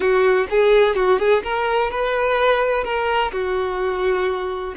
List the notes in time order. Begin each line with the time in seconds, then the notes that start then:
0.00 F#4
0.49 G#4
0.95 F#4
1.19 G#4
1.43 A#4
1.90 B4
2.84 A#4
3.31 F#4